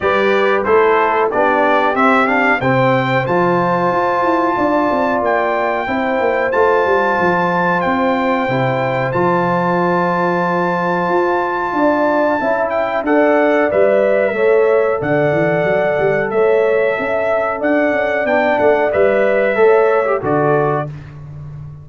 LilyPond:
<<
  \new Staff \with { instrumentName = "trumpet" } { \time 4/4 \tempo 4 = 92 d''4 c''4 d''4 e''8 f''8 | g''4 a''2. | g''2 a''2 | g''2 a''2~ |
a''2.~ a''8 g''8 | fis''4 e''2 fis''4~ | fis''4 e''2 fis''4 | g''8 fis''8 e''2 d''4 | }
  \new Staff \with { instrumentName = "horn" } { \time 4/4 b'4 a'4 g'2 | c''2. d''4~ | d''4 c''2.~ | c''1~ |
c''2 d''4 e''4 | d''2 cis''4 d''4~ | d''4 cis''4 e''4 d''4~ | d''2 cis''4 a'4 | }
  \new Staff \with { instrumentName = "trombone" } { \time 4/4 g'4 e'4 d'4 c'8 d'8 | c'4 f'2.~ | f'4 e'4 f'2~ | f'4 e'4 f'2~ |
f'2. e'4 | a'4 b'4 a'2~ | a'1 | d'4 b'4 a'8. g'16 fis'4 | }
  \new Staff \with { instrumentName = "tuba" } { \time 4/4 g4 a4 b4 c'4 | c4 f4 f'8 e'8 d'8 c'8 | ais4 c'8 ais8 a8 g8 f4 | c'4 c4 f2~ |
f4 f'4 d'4 cis'4 | d'4 g4 a4 d8 e8 | fis8 g8 a4 cis'4 d'8 cis'8 | b8 a8 g4 a4 d4 | }
>>